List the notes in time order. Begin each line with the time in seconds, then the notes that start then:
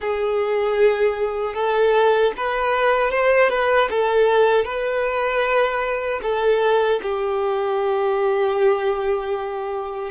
0.00 G#4
1.54 A4
2.37 B4
3.11 C5
3.49 B4
3.90 A4
4.64 B4
6.22 A4
7.02 G4